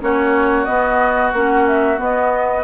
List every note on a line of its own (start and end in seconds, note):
0.00 0.67 A#3
0.00 0.66 C#4
0.00 2.64 F#4
0.00 0.64 C#5
0.64 1.32 B3
0.64 1.33 B3
0.64 1.30 D#5
1.33 1.98 A#3
1.33 1.96 C#4
1.33 1.66 F#5
1.67 2.00 E5
1.96 2.62 B3
1.96 2.64 B3
1.96 2.64 D#5